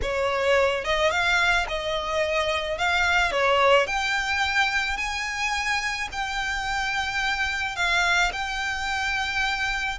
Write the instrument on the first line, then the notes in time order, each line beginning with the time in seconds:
violin
0.02 C#5
0.84 D#5
1.10 F5
1.68 D#5
2.78 F5
3.31 C#5
3.87 G5
4.97 G#5
6.11 G5
7.76 F5
8.32 G5